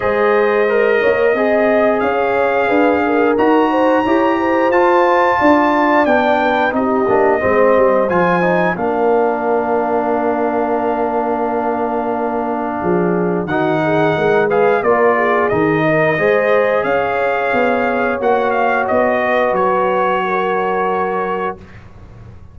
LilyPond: <<
  \new Staff \with { instrumentName = "trumpet" } { \time 4/4 \tempo 4 = 89 dis''2. f''4~ | f''4 ais''2 a''4~ | a''4 g''4 dis''2 | gis''4 f''2.~ |
f''1 | fis''4. f''8 d''4 dis''4~ | dis''4 f''2 fis''8 f''8 | dis''4 cis''2. | }
  \new Staff \with { instrumentName = "horn" } { \time 4/4 c''4. cis''8 dis''4 cis''4 | b'8 ais'4 c''8 cis''8 c''4. | d''4. b'8 g'4 c''4~ | c''4 ais'2.~ |
ais'2. gis'4 | fis'8 gis'8 ais'8 b'8 ais'8 gis'4 ais'8 | c''4 cis''2.~ | cis''8 b'4. ais'2 | }
  \new Staff \with { instrumentName = "trombone" } { \time 4/4 gis'4 ais'4 gis'2~ | gis'4 fis'4 g'4 f'4~ | f'4 d'4 dis'8 d'8 c'4 | f'8 dis'8 d'2.~ |
d'1 | dis'4. gis'8 f'4 dis'4 | gis'2. fis'4~ | fis'1 | }
  \new Staff \with { instrumentName = "tuba" } { \time 4/4 gis4. ais8 c'4 cis'4 | d'4 dis'4 e'4 f'4 | d'4 b4 c'8 ais8 gis8 g8 | f4 ais2.~ |
ais2. f4 | dis4 gis4 ais4 dis4 | gis4 cis'4 b4 ais4 | b4 fis2. | }
>>